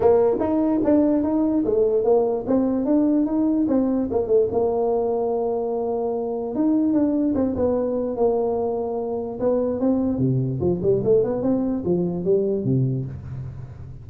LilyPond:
\new Staff \with { instrumentName = "tuba" } { \time 4/4 \tempo 4 = 147 ais4 dis'4 d'4 dis'4 | a4 ais4 c'4 d'4 | dis'4 c'4 ais8 a8 ais4~ | ais1 |
dis'4 d'4 c'8 b4. | ais2. b4 | c'4 c4 f8 g8 a8 b8 | c'4 f4 g4 c4 | }